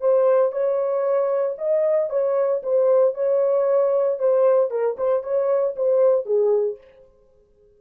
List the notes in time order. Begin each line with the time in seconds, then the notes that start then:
0.00 C5
0.51 C#5
1.58 D#5
2.09 C#5
2.63 C5
3.14 C#5
4.19 C5
4.70 A#4
4.97 C5
5.23 C#5
5.76 C5
6.25 G#4